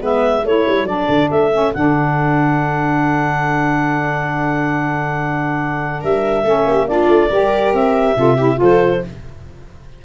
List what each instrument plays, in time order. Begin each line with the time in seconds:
0.00 tuba G#3, saxophone B3, viola B4, clarinet E5
0.44 tuba A3, saxophone E4, viola A4, clarinet C#5
0.67 tuba G3
0.84 tuba F#3, saxophone D4, clarinet D5
1.08 tuba D3
1.30 tuba A3, clarinet E5
1.52 saxophone C#4
1.73 tuba D3, saxophone D4, clarinet F#5
6.00 tuba G3, viola A#4, clarinet E5
6.44 tuba A3, saxophone C#4, viola A4
6.65 tuba A#3, viola G4
6.87 saxophone D4, viola F4, clarinet D5
7.08 tuba A3
7.29 tuba G3, saxophone G4, viola A#4
7.73 tuba C4, clarinet E5
8.16 tuba C3, saxophone F4, viola A4
8.36 saxophone E4, viola G4
8.55 tuba F3, saxophone F4, viola A4, clarinet C5